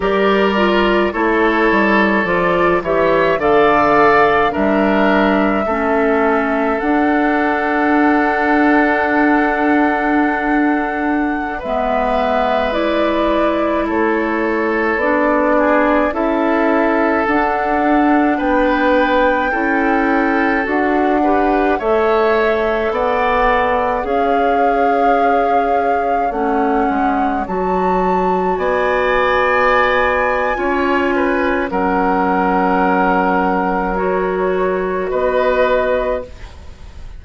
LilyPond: <<
  \new Staff \with { instrumentName = "flute" } { \time 4/4 \tempo 4 = 53 d''4 cis''4 d''8 e''8 f''4 | e''2 fis''2~ | fis''2~ fis''16 e''4 d''8.~ | d''16 cis''4 d''4 e''4 fis''8.~ |
fis''16 g''2 fis''4 e''8.~ | e''16 fis''4 f''2 fis''8.~ | fis''16 a''4 gis''2~ gis''8. | fis''2 cis''4 dis''4 | }
  \new Staff \with { instrumentName = "oboe" } { \time 4/4 ais'4 a'4. cis''8 d''4 | ais'4 a'2.~ | a'2~ a'16 b'4.~ b'16~ | b'16 a'4. gis'8 a'4.~ a'16~ |
a'16 b'4 a'4. b'8 cis''8.~ | cis''16 d''4 cis''2~ cis''8.~ | cis''4~ cis''16 d''4.~ d''16 cis''8 b'8 | ais'2. b'4 | }
  \new Staff \with { instrumentName = "clarinet" } { \time 4/4 g'8 f'8 e'4 f'8 g'8 a'4 | d'4 cis'4 d'2~ | d'2~ d'16 b4 e'8.~ | e'4~ e'16 d'4 e'4 d'8.~ |
d'4~ d'16 e'4 fis'8 g'8 a'8.~ | a'4~ a'16 gis'2 cis'8.~ | cis'16 fis'2~ fis'8. f'4 | cis'2 fis'2 | }
  \new Staff \with { instrumentName = "bassoon" } { \time 4/4 g4 a8 g8 f8 e8 d4 | g4 a4 d'2~ | d'2~ d'16 gis4.~ gis16~ | gis16 a4 b4 cis'4 d'8.~ |
d'16 b4 cis'4 d'4 a8.~ | a16 b4 cis'2 a8 gis16~ | gis16 fis4 b4.~ b16 cis'4 | fis2. b4 | }
>>